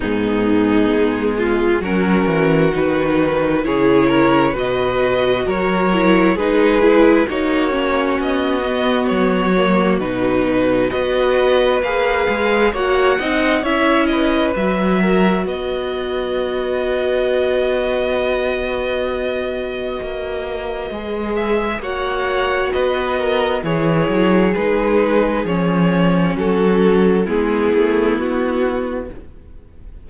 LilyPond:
<<
  \new Staff \with { instrumentName = "violin" } { \time 4/4 \tempo 4 = 66 gis'2 ais'4 b'4 | cis''4 dis''4 cis''4 b'4 | cis''4 dis''4 cis''4 b'4 | dis''4 f''4 fis''4 e''8 dis''8 |
e''4 dis''2.~ | dis''2.~ dis''8 e''8 | fis''4 dis''4 cis''4 b'4 | cis''4 a'4 gis'4 fis'4 | }
  \new Staff \with { instrumentName = "violin" } { \time 4/4 dis'4. f'8 fis'2 | gis'8 ais'8 b'4 ais'4 gis'4 | fis'1 | b'2 cis''8 dis''8 cis''8 b'8~ |
b'8 ais'8 b'2.~ | b'1 | cis''4 b'8 ais'8 gis'2~ | gis'4 fis'4 e'2 | }
  \new Staff \with { instrumentName = "viola" } { \time 4/4 b2 cis'4 dis'4 | e'4 fis'4. e'8 dis'8 e'8 | dis'8 cis'4 b4 ais8 dis'4 | fis'4 gis'4 fis'8 dis'8 e'4 |
fis'1~ | fis'2. gis'4 | fis'2 e'4 dis'4 | cis'2 b2 | }
  \new Staff \with { instrumentName = "cello" } { \time 4/4 gis,4 gis4 fis8 e8 dis4 | cis4 b,4 fis4 gis4 | ais4 b4 fis4 b,4 | b4 ais8 gis8 ais8 c'8 cis'4 |
fis4 b2.~ | b2 ais4 gis4 | ais4 b4 e8 fis8 gis4 | f4 fis4 gis8 a8 b4 | }
>>